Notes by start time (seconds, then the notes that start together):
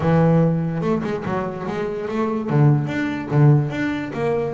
0.00 E3
0.81 A3
1.03 G#3
1.25 F#3
1.67 G#3
2.08 A3
2.49 D3
2.87 D4
3.30 D3
3.70 D4
4.13 A#3